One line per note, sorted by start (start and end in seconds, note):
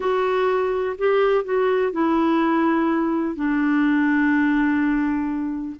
0.00 0.96 F#4
0.98 1.44 G4
1.44 1.92 F#4
1.92 3.35 E4
3.35 5.75 D4